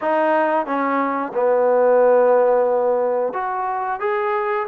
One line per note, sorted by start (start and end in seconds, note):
0.01 0.65 D#4
0.65 1.32 C#4
1.34 3.33 B3
3.33 4.00 F#4
4.00 4.66 G#4